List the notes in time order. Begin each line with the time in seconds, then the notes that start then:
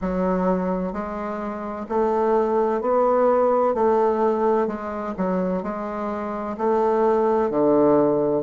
0.01 F#3
0.92 G#3
1.88 A3
2.81 B3
3.74 A3
4.67 G#3
5.16 F#3
5.62 G#3
6.57 A3
7.50 D3